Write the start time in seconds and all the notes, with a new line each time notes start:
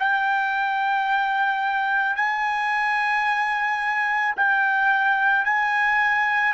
0.00 G5
2.17 G#5
4.37 G5
5.45 G#5